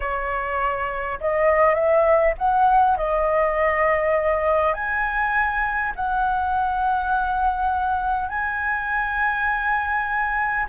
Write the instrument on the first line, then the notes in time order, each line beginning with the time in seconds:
flute
0.00 C#5
1.20 D#5
1.74 E5
2.38 F#5
2.97 D#5
4.73 G#5
5.95 F#5
8.28 G#5